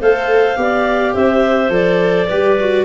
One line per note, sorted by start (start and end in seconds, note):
0.00 0.56 A3
0.00 0.56 A4
0.00 0.58 C5
0.00 1.14 F5
0.56 1.13 B3
0.56 1.70 G4
0.56 1.13 D5
1.13 1.69 C4
1.13 2.27 C5
1.13 1.71 E5
1.69 2.26 F3
1.69 2.27 A4
1.69 2.84 D5
2.27 2.84 G3
2.27 2.58 G4
2.27 2.84 B4
2.59 2.84 F#4